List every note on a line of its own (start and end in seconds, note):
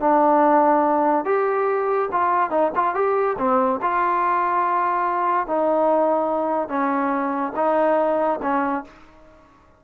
0.00 1.25 D4
1.25 2.09 G4
2.12 2.51 F4
2.51 2.72 D#4
2.76 2.95 F4
2.95 3.37 G4
3.38 3.80 C4
3.82 5.47 F4
5.47 6.69 D#4
6.69 7.53 C#4
7.56 8.40 D#4
8.43 8.85 C#4